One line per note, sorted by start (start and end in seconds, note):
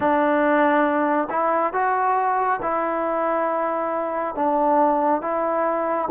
0.00 1.28 D4
1.30 1.73 E4
1.73 2.60 F#4
2.62 4.35 E4
4.35 5.21 D4
5.21 6.08 E4